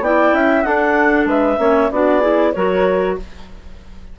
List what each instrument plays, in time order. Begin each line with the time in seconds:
0.00 bassoon B3, clarinet E4 G5, flute D5
0.33 bassoon C#4, flute E5
0.62 clarinet D4 F#5, bassoon D4, flute A4
1.26 bassoon G#3, flute B4, clarinet E5
1.58 bassoon A#3, clarinet C#4, flute C#5
1.91 bassoon B3, clarinet D4 D5, flute F#4
2.20 clarinet E4, flute G#4
2.52 bassoon F#3, clarinet F#4 C#5, flute A#4